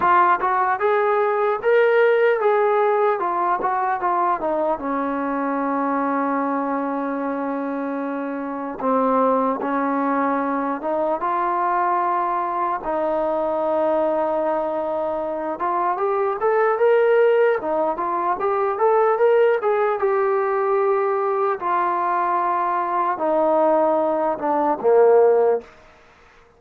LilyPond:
\new Staff \with { instrumentName = "trombone" } { \time 4/4 \tempo 4 = 75 f'8 fis'8 gis'4 ais'4 gis'4 | f'8 fis'8 f'8 dis'8 cis'2~ | cis'2. c'4 | cis'4. dis'8 f'2 |
dis'2.~ dis'8 f'8 | g'8 a'8 ais'4 dis'8 f'8 g'8 a'8 | ais'8 gis'8 g'2 f'4~ | f'4 dis'4. d'8 ais4 | }